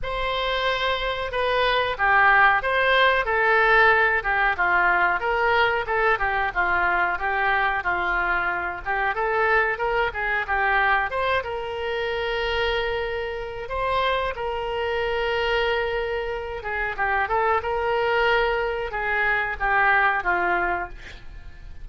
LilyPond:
\new Staff \with { instrumentName = "oboe" } { \time 4/4 \tempo 4 = 92 c''2 b'4 g'4 | c''4 a'4. g'8 f'4 | ais'4 a'8 g'8 f'4 g'4 | f'4. g'8 a'4 ais'8 gis'8 |
g'4 c''8 ais'2~ ais'8~ | ais'4 c''4 ais'2~ | ais'4. gis'8 g'8 a'8 ais'4~ | ais'4 gis'4 g'4 f'4 | }